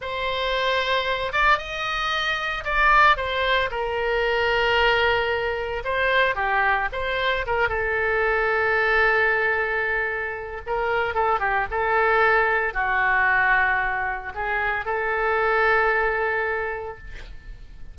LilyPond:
\new Staff \with { instrumentName = "oboe" } { \time 4/4 \tempo 4 = 113 c''2~ c''8 d''8 dis''4~ | dis''4 d''4 c''4 ais'4~ | ais'2. c''4 | g'4 c''4 ais'8 a'4.~ |
a'1 | ais'4 a'8 g'8 a'2 | fis'2. gis'4 | a'1 | }